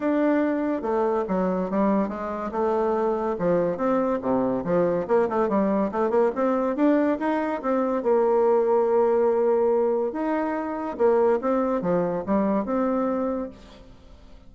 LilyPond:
\new Staff \with { instrumentName = "bassoon" } { \time 4/4 \tempo 4 = 142 d'2 a4 fis4 | g4 gis4 a2 | f4 c'4 c4 f4 | ais8 a8 g4 a8 ais8 c'4 |
d'4 dis'4 c'4 ais4~ | ais1 | dis'2 ais4 c'4 | f4 g4 c'2 | }